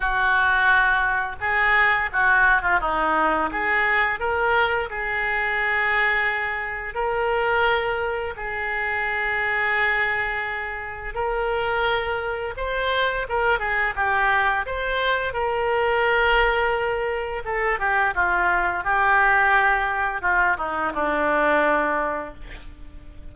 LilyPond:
\new Staff \with { instrumentName = "oboe" } { \time 4/4 \tempo 4 = 86 fis'2 gis'4 fis'8. f'16 | dis'4 gis'4 ais'4 gis'4~ | gis'2 ais'2 | gis'1 |
ais'2 c''4 ais'8 gis'8 | g'4 c''4 ais'2~ | ais'4 a'8 g'8 f'4 g'4~ | g'4 f'8 dis'8 d'2 | }